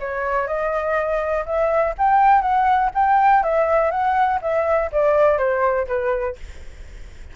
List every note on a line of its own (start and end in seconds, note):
0.00 0.48 C#5
0.48 1.45 D#5
1.46 1.95 E5
1.98 2.42 G5
2.42 2.91 F#5
2.95 3.43 G5
3.44 3.91 E5
3.91 4.40 F#5
4.42 4.91 E5
4.92 5.38 D5
5.38 5.87 C5
5.87 6.36 B4